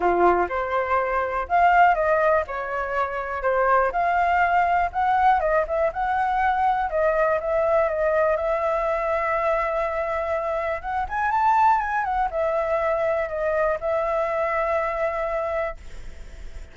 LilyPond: \new Staff \with { instrumentName = "flute" } { \time 4/4 \tempo 4 = 122 f'4 c''2 f''4 | dis''4 cis''2 c''4 | f''2 fis''4 dis''8 e''8 | fis''2 dis''4 e''4 |
dis''4 e''2.~ | e''2 fis''8 gis''8 a''4 | gis''8 fis''8 e''2 dis''4 | e''1 | }